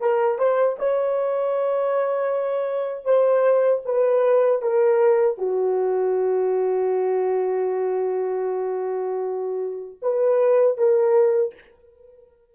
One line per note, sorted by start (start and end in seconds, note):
0.00 0.38 A#4
0.38 0.77 C5
0.79 3.05 C#5
3.05 3.82 C5
3.85 4.62 B4
4.62 5.38 A#4
5.38 10.00 F#4
10.02 10.77 B4
10.77 11.54 A#4